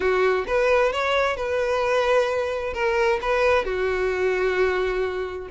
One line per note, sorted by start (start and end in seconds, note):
0.00 0.45 F#4
0.47 0.92 B4
0.92 1.36 C#5
1.36 2.73 B4
2.73 3.19 A#4
3.21 3.65 B4
3.65 5.48 F#4